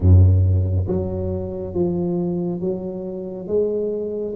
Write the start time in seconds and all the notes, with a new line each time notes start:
0.00 F#2
0.87 F#3
1.74 F3
2.60 F#3
3.47 G#3